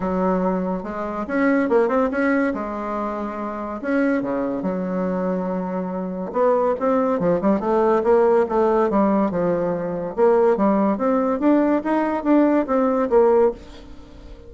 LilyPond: \new Staff \with { instrumentName = "bassoon" } { \time 4/4 \tempo 4 = 142 fis2 gis4 cis'4 | ais8 c'8 cis'4 gis2~ | gis4 cis'4 cis4 fis4~ | fis2. b4 |
c'4 f8 g8 a4 ais4 | a4 g4 f2 | ais4 g4 c'4 d'4 | dis'4 d'4 c'4 ais4 | }